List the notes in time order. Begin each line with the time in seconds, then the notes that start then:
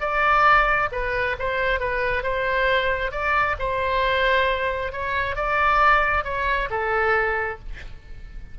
0.00 D5
0.91 B4
1.39 C5
1.79 B4
2.23 C5
3.11 D5
3.59 C5
4.92 C#5
5.35 D5
6.24 C#5
6.70 A4